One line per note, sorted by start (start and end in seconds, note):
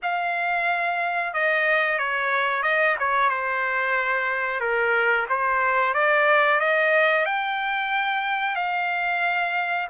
0.02 1.33 F5
1.33 1.98 D#5
1.98 2.63 C#5
2.63 2.96 D#5
2.99 3.29 C#5
3.29 4.60 C5
4.60 5.26 A#4
5.29 5.94 C5
5.94 6.59 D5
6.59 7.25 D#5
7.25 8.55 G5
8.55 9.87 F5